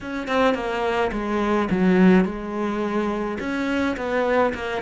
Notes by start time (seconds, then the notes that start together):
0.01 C#4
0.27 C4
0.54 A#3
1.12 G#3
1.70 F#3
2.25 G#3
3.39 C#4
3.96 B3
4.54 A#3